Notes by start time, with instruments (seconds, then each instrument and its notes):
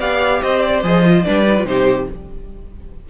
0.00 cello B3, viola G4, violin D5 F5
0.42 cello C4, violin C5 D#5
0.61 violin D5
0.83 cello F3, viola G#4, violin D#5
1.06 viola F4
1.24 cello G3, viola D4, violin B4 D5
1.47 viola D#4
1.58 viola F4
1.65 cello C3, viola D#4, violin G4 C5